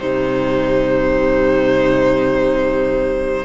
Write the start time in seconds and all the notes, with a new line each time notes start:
0.00 C3 G3 D#4 C5